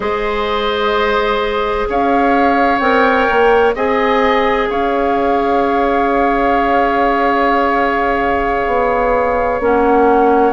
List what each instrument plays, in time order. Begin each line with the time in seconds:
0.00 bassoon G#3, clarinet G#4, oboe C5, flute D#5
1.89 bassoon C#4, oboe C#5, flute F5
2.78 bassoon C4, clarinet A#4, flute G5
3.29 bassoon A#3
3.74 bassoon C4, clarinet G#4, oboe D#5, flute G#5
4.69 bassoon C#4, oboe C#5, flute F5
8.66 bassoon B3
9.60 bassoon A#3, clarinet C#4, flute F#5